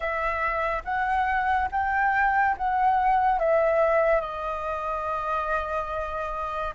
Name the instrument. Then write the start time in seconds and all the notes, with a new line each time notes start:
flute
0.00 E5
0.84 F#5
1.71 G5
2.57 F#5
3.39 E5
4.20 D#5